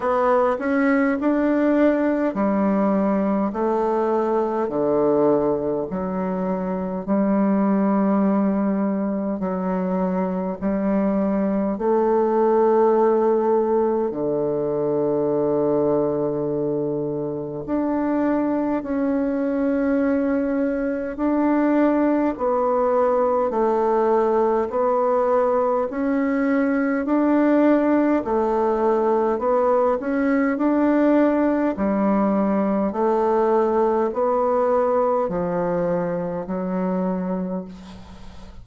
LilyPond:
\new Staff \with { instrumentName = "bassoon" } { \time 4/4 \tempo 4 = 51 b8 cis'8 d'4 g4 a4 | d4 fis4 g2 | fis4 g4 a2 | d2. d'4 |
cis'2 d'4 b4 | a4 b4 cis'4 d'4 | a4 b8 cis'8 d'4 g4 | a4 b4 f4 fis4 | }